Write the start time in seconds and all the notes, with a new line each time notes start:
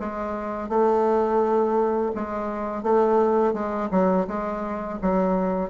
0.00 G#3
0.69 A3
2.15 G#3
2.83 A3
3.54 G#3
3.92 F#3
4.28 G#3
5.02 F#3